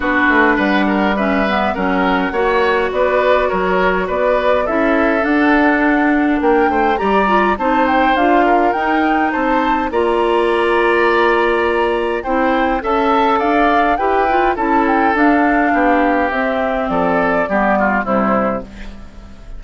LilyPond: <<
  \new Staff \with { instrumentName = "flute" } { \time 4/4 \tempo 4 = 103 b'4 fis''4 e''4 fis''4~ | fis''4 d''4 cis''4 d''4 | e''4 fis''2 g''4 | ais''4 a''8 g''8 f''4 g''4 |
a''4 ais''2.~ | ais''4 g''4 a''4 f''4 | g''4 a''8 g''8 f''2 | e''4 d''2 c''4 | }
  \new Staff \with { instrumentName = "oboe" } { \time 4/4 fis'4 b'8 ais'8 b'4 ais'4 | cis''4 b'4 ais'4 b'4 | a'2. ais'8 c''8 | d''4 c''4. ais'4. |
c''4 d''2.~ | d''4 c''4 e''4 d''4 | b'4 a'2 g'4~ | g'4 a'4 g'8 f'8 e'4 | }
  \new Staff \with { instrumentName = "clarinet" } { \time 4/4 d'2 cis'8 b8 cis'4 | fis'1 | e'4 d'2. | g'8 f'8 dis'4 f'4 dis'4~ |
dis'4 f'2.~ | f'4 e'4 a'2 | g'8 f'8 e'4 d'2 | c'2 b4 g4 | }
  \new Staff \with { instrumentName = "bassoon" } { \time 4/4 b8 a8 g2 fis4 | ais4 b4 fis4 b4 | cis'4 d'2 ais8 a8 | g4 c'4 d'4 dis'4 |
c'4 ais2.~ | ais4 c'4 cis'4 d'4 | e'4 cis'4 d'4 b4 | c'4 f4 g4 c4 | }
>>